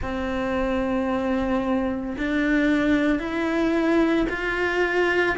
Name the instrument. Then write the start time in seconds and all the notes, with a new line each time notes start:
cello
0.01 C4
2.18 D4
3.19 E4
4.29 F4